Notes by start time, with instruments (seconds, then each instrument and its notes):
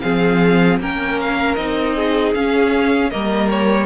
0.00 cello F3, viola C4, violin G#4 F5
0.79 cello A#3, viola C#4, violin A#4 G5
1.21 violin F5
1.55 cello C4, viola D#4, violin D#5
1.96 violin G#4
2.34 viola C#4, cello C#4, violin F5
3.10 cello G3, viola A#3, violin A#4 D#5
3.50 violin C#5